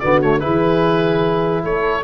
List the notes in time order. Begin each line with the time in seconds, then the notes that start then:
0.00 D3 B3 F#4 D5
0.22 A3 C#5
0.40 E4 G#4 B4
0.46 E3
1.64 A3 A4 C#5